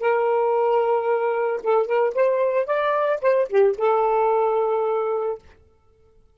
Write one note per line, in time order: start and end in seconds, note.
0.00 1.61 A#4
1.64 1.87 A4
1.87 2.14 A#4
2.15 2.66 C5
2.66 3.20 D5
3.22 3.48 C5
3.49 3.76 G4
3.78 5.39 A4